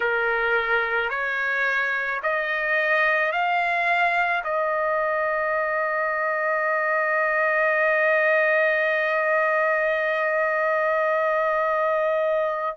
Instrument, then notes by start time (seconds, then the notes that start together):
trumpet
0.00 A#4
1.09 C#5
2.22 D#5
3.32 F5
4.44 D#5